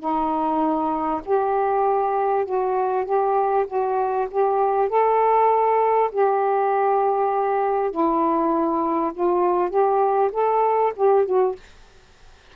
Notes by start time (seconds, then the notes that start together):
0.00 D#4
1.25 G4
2.45 F#4
3.05 G4
3.67 F#4
4.31 G4
4.89 A4
6.12 G4
7.91 E4
9.14 F4
9.70 G4
10.32 A4
10.96 G4
11.25 F#4